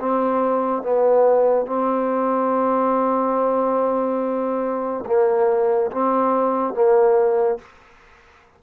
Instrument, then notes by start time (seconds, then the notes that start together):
trombone
0.00 C4
0.83 B3
1.67 C4
5.07 A#3
5.92 C4
6.75 A#3